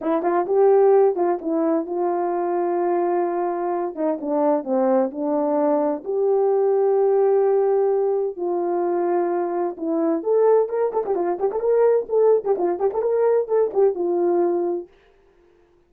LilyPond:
\new Staff \with { instrumentName = "horn" } { \time 4/4 \tempo 4 = 129 e'8 f'8 g'4. f'8 e'4 | f'1~ | f'8 dis'8 d'4 c'4 d'4~ | d'4 g'2.~ |
g'2 f'2~ | f'4 e'4 a'4 ais'8 a'16 g'16 | f'8 g'16 a'16 ais'4 a'8. g'16 f'8 g'16 a'16 | ais'4 a'8 g'8 f'2 | }